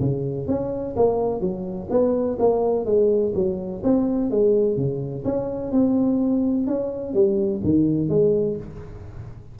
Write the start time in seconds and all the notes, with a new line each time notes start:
0.00 C#3
0.48 C#4
0.97 A#3
1.41 F#3
1.90 B3
2.39 A#3
2.85 G#3
3.35 F#3
3.84 C4
4.31 G#3
4.77 C#3
5.25 C#4
5.72 C4
6.67 C#4
7.14 G3
7.64 D#3
8.09 G#3